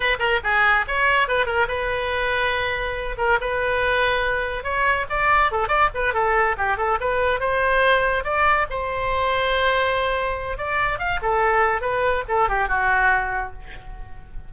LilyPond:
\new Staff \with { instrumentName = "oboe" } { \time 4/4 \tempo 4 = 142 b'8 ais'8 gis'4 cis''4 b'8 ais'8 | b'2.~ b'8 ais'8 | b'2. cis''4 | d''4 a'8 d''8 b'8 a'4 g'8 |
a'8 b'4 c''2 d''8~ | d''8 c''2.~ c''8~ | c''4 d''4 f''8 a'4. | b'4 a'8 g'8 fis'2 | }